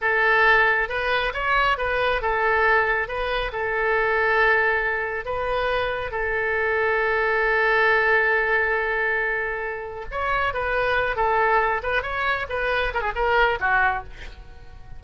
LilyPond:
\new Staff \with { instrumentName = "oboe" } { \time 4/4 \tempo 4 = 137 a'2 b'4 cis''4 | b'4 a'2 b'4 | a'1 | b'2 a'2~ |
a'1~ | a'2. cis''4 | b'4. a'4. b'8 cis''8~ | cis''8 b'4 ais'16 gis'16 ais'4 fis'4 | }